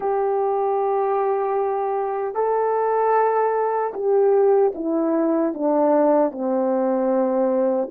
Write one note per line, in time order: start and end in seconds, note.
0.00 2.34 G4
2.34 3.92 A4
3.93 4.72 G4
4.74 5.53 E4
5.53 6.31 D4
6.31 7.89 C4